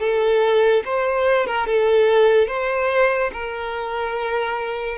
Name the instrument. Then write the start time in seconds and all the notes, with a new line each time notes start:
violin
0.00 A4
0.85 C5
1.47 A#4
1.67 A4
2.48 C5
3.33 A#4